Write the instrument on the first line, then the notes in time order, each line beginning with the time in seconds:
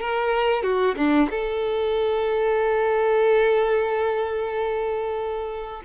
violin
0.00 A#4
0.63 F#4
0.97 D4
1.30 A4